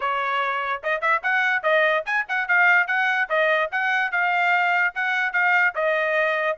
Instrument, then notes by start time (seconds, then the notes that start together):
trumpet
0.00 C#5
0.83 D#5
1.01 E5
1.22 F#5
1.62 D#5
2.05 G#5
2.28 F#5
2.48 F5
2.87 F#5
3.29 D#5
3.71 F#5
4.11 F5
4.94 F#5
5.32 F5
5.75 D#5